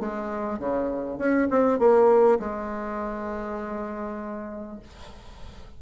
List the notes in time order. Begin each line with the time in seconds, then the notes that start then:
0.00 G#3
0.59 C#3
1.19 C#4
1.51 C4
1.79 A#3
2.40 G#3